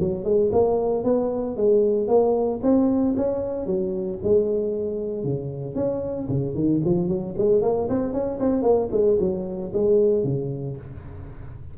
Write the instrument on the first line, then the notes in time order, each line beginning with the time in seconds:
tuba
0.00 F#3
0.25 G#3
0.53 A#3
1.04 B3
1.57 G#3
2.08 A#3
2.63 C4
3.17 C#4
3.67 F#3
4.24 G#3
5.24 C#3
5.76 C#4
6.29 C#3
6.55 D#3
6.85 F3
7.09 F#3
7.38 G#3
7.62 A#3
7.89 C4
8.13 C#4
8.40 C4
8.62 A#3
8.92 G#3
9.20 F#3
9.74 G#3
10.24 C#3